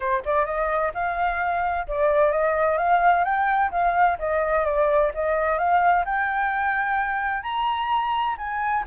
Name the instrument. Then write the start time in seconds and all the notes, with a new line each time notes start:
flute
0.00 C5
0.25 D5
0.45 D#5
0.94 F5
1.87 D5
2.31 D#5
2.77 F5
3.24 G5
3.71 F5
4.18 D#5
4.65 D5
5.14 D#5
5.58 F5
6.05 G5
7.42 A#5
8.37 G#5